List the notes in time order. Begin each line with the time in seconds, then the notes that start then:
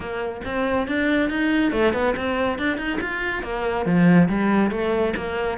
0.00 A#3
0.44 C4
0.87 D4
1.29 D#4
1.71 A3
1.93 B3
2.16 C4
2.58 D4
2.77 D#4
3.01 F4
3.42 A#3
3.85 F3
4.28 G3
4.70 A3
5.16 A#3